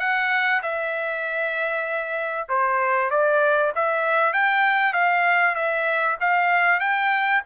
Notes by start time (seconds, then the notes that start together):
0.00 F#5
0.63 E5
2.49 C5
3.11 D5
3.76 E5
4.34 G5
4.94 F5
5.56 E5
6.21 F5
6.80 G5